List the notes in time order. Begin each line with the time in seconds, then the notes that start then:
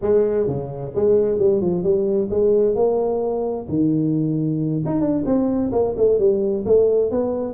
0.01 G#3
0.47 C#3
0.95 G#3
1.38 G3
1.61 F3
1.83 G3
2.30 G#3
2.75 A#3
3.68 D#3
4.85 D#4
5.00 D4
5.25 C4
5.72 A#3
5.96 A3
6.19 G3
6.65 A3
7.10 B3